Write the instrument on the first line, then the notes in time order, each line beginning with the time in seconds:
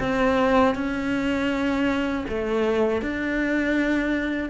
cello
0.00 C4
0.75 C#4
2.29 A3
3.02 D4